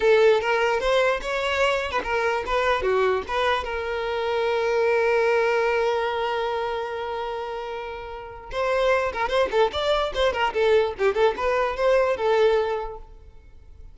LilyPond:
\new Staff \with { instrumentName = "violin" } { \time 4/4 \tempo 4 = 148 a'4 ais'4 c''4 cis''4~ | cis''8. b'16 ais'4 b'4 fis'4 | b'4 ais'2.~ | ais'1~ |
ais'1~ | ais'4 c''4. ais'8 c''8 a'8 | d''4 c''8 ais'8 a'4 g'8 a'8 | b'4 c''4 a'2 | }